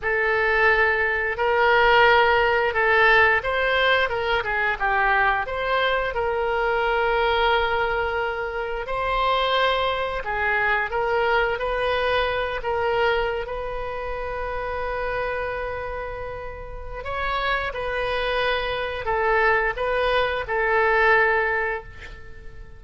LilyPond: \new Staff \with { instrumentName = "oboe" } { \time 4/4 \tempo 4 = 88 a'2 ais'2 | a'4 c''4 ais'8 gis'8 g'4 | c''4 ais'2.~ | ais'4 c''2 gis'4 |
ais'4 b'4. ais'4~ ais'16 b'16~ | b'1~ | b'4 cis''4 b'2 | a'4 b'4 a'2 | }